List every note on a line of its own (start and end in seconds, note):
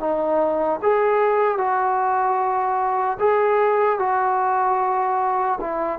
0.00 0.80 D#4
0.82 1.58 G#4
1.58 3.18 F#4
3.20 3.99 G#4
3.99 5.59 F#4
5.61 5.99 E4